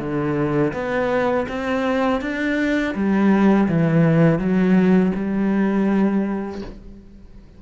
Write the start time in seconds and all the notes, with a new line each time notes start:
0.00 D3
0.74 B3
1.49 C4
2.22 D4
2.95 G3
3.69 E3
4.39 F#3
5.16 G3